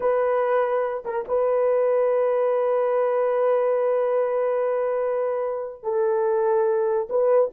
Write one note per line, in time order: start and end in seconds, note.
0.00 1.03 B4
1.04 1.25 A#4
1.27 5.83 B4
5.83 7.08 A4
7.09 7.51 B4